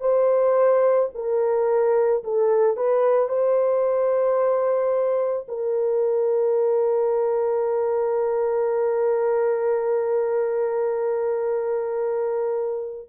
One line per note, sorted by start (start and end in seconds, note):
0.00 1.09 C5
1.15 2.24 A#4
2.24 2.77 A4
2.77 3.29 B4
3.29 5.47 C5
5.48 13.09 A#4